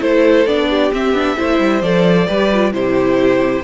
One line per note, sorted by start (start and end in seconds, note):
0.00 0.46 A3
0.00 0.45 E4
0.00 0.69 A4
0.00 0.46 C5
0.46 0.91 B3
0.46 0.92 D4
0.46 0.92 D5
0.69 1.37 G4
0.92 1.14 C4
0.92 1.12 C4
0.92 1.82 E5
1.12 1.35 B3
1.12 1.37 D4
1.37 1.59 A3
1.37 1.82 E4
1.37 2.27 C5
1.59 1.82 G3
1.82 2.27 F3
1.82 2.27 A4
1.82 2.73 D5
2.27 2.73 G3
2.27 2.50 G4
2.27 2.73 B4
2.53 2.72 F4
2.72 3.63 C3
2.72 3.63 E4
2.72 3.63 G4
2.72 3.63 C5